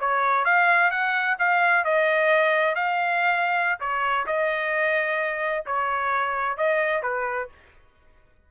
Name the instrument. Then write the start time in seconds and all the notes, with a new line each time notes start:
trumpet
0.00 C#5
0.45 F5
0.91 F#5
1.39 F5
1.84 D#5
2.75 F5
3.80 C#5
4.26 D#5
5.66 C#5
6.57 D#5
7.02 B4